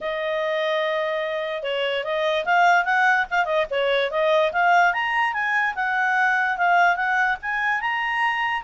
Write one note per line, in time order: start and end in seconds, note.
0.01 1.62 D#5
1.62 2.03 C#5
2.03 2.45 D#5
2.45 2.84 F5
2.84 3.26 F#5
3.30 3.45 F5
3.45 3.66 D#5
3.70 4.10 C#5
4.10 4.51 D#5
4.52 4.93 F5
4.93 5.33 A#5
5.33 5.74 G#5
5.75 6.57 F#5
6.57 6.95 F5
6.95 7.37 F#5
7.41 7.80 G#5
7.80 8.62 A#5